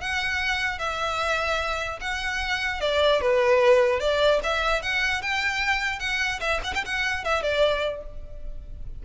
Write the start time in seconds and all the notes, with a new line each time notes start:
0.00 F#5
0.78 E5
2.00 F#5
2.80 D5
3.21 B4
3.99 D5
4.43 E5
4.82 F#5
5.21 G5
5.99 F#5
6.40 E5
6.64 F#5
6.74 G5
6.85 F#5
7.24 E5
7.42 D5